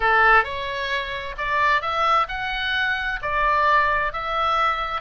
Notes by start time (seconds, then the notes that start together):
0.00 A4
0.44 C#5
1.37 D5
1.81 E5
2.28 F#5
3.22 D5
4.12 E5